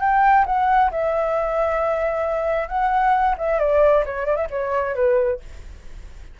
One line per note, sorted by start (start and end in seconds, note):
0.00 0.45 G5
0.46 0.90 F#5
0.91 2.68 E5
2.68 3.35 F#5
3.38 3.59 E5
3.59 4.04 D5
4.05 4.26 C#5
4.26 4.36 D5
4.36 4.47 E5
4.50 4.95 C#5
4.95 5.40 B4